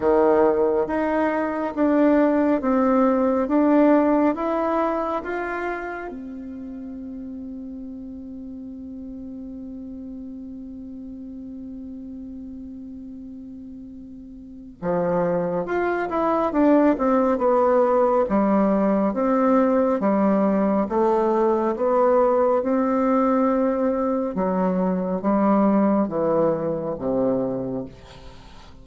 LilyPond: \new Staff \with { instrumentName = "bassoon" } { \time 4/4 \tempo 4 = 69 dis4 dis'4 d'4 c'4 | d'4 e'4 f'4 c'4~ | c'1~ | c'1~ |
c'4 f4 f'8 e'8 d'8 c'8 | b4 g4 c'4 g4 | a4 b4 c'2 | fis4 g4 e4 c4 | }